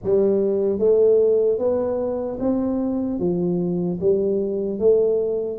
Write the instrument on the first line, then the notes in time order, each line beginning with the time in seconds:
tuba
0.03 G3
0.79 A3
1.58 B3
2.39 C4
3.19 F3
4.00 G3
4.79 A3